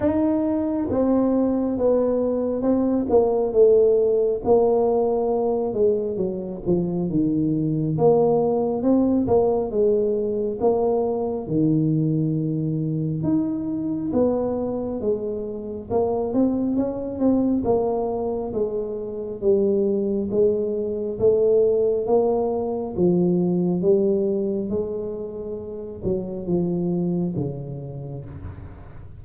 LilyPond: \new Staff \with { instrumentName = "tuba" } { \time 4/4 \tempo 4 = 68 dis'4 c'4 b4 c'8 ais8 | a4 ais4. gis8 fis8 f8 | dis4 ais4 c'8 ais8 gis4 | ais4 dis2 dis'4 |
b4 gis4 ais8 c'8 cis'8 c'8 | ais4 gis4 g4 gis4 | a4 ais4 f4 g4 | gis4. fis8 f4 cis4 | }